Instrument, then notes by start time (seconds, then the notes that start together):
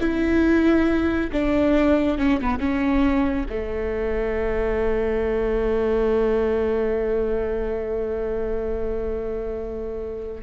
viola
0.00 E4
1.32 D4
2.18 C#4
2.41 B3
2.59 C#4
3.49 A3